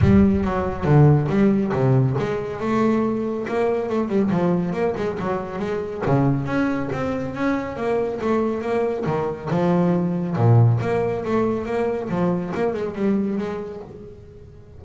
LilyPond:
\new Staff \with { instrumentName = "double bass" } { \time 4/4 \tempo 4 = 139 g4 fis4 d4 g4 | c4 gis4 a2 | ais4 a8 g8 f4 ais8 gis8 | fis4 gis4 cis4 cis'4 |
c'4 cis'4 ais4 a4 | ais4 dis4 f2 | ais,4 ais4 a4 ais4 | f4 ais8 gis8 g4 gis4 | }